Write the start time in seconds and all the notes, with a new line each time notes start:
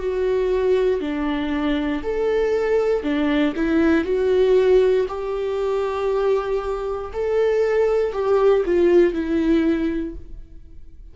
0.00 F#4
1.01 D4
2.03 A4
3.03 D4
3.56 E4
4.05 F#4
5.08 G4
7.13 A4
8.13 G4
8.66 F4
9.14 E4